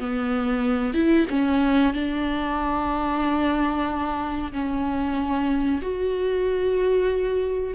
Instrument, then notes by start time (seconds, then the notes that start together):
viola
0.00 B3
0.94 E4
1.30 C#4
1.94 D4
4.52 C#4
5.82 F#4